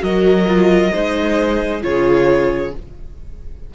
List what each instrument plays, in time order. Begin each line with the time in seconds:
0.00 cello F#3, viola F#4, violin A#4 D#5
0.48 viola F4
0.93 cello G#3, viola D#4, violin C5
1.82 cello C#3, viola F4, violin G#4 C#5